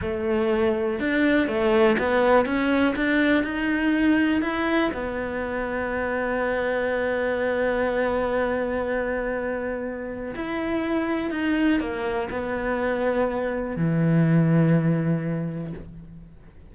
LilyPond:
\new Staff \with { instrumentName = "cello" } { \time 4/4 \tempo 4 = 122 a2 d'4 a4 | b4 cis'4 d'4 dis'4~ | dis'4 e'4 b2~ | b1~ |
b1~ | b4 e'2 dis'4 | ais4 b2. | e1 | }